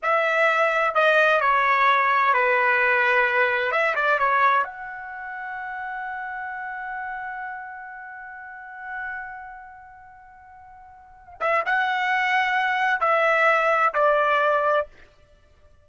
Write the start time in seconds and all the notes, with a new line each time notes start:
0.02 E5
0.94 D#5
1.40 C#5
2.33 B4
3.71 E5
3.95 D5
4.18 C#5
4.64 F#5
11.40 E5
11.65 F#5
13.00 E5
13.94 D5